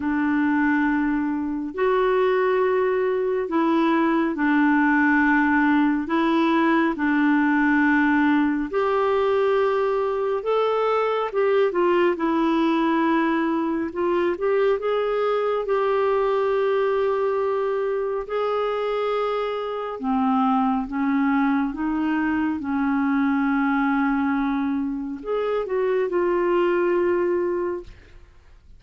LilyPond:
\new Staff \with { instrumentName = "clarinet" } { \time 4/4 \tempo 4 = 69 d'2 fis'2 | e'4 d'2 e'4 | d'2 g'2 | a'4 g'8 f'8 e'2 |
f'8 g'8 gis'4 g'2~ | g'4 gis'2 c'4 | cis'4 dis'4 cis'2~ | cis'4 gis'8 fis'8 f'2 | }